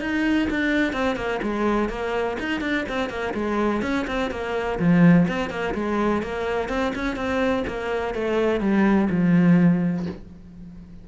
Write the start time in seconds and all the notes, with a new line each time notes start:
0.00 D#4
0.50 D4
0.93 C4
1.15 A#3
1.42 G#3
1.89 A#3
2.39 D#4
2.61 D4
2.88 C4
3.09 A#3
3.34 G#3
3.82 C#4
4.07 C4
4.30 A#3
4.79 F3
5.28 C4
5.50 A#3
5.74 G#3
6.22 A#3
6.69 C4
6.95 C#4
7.16 C4
7.67 A#3
8.14 A3
8.60 G3
9.10 F3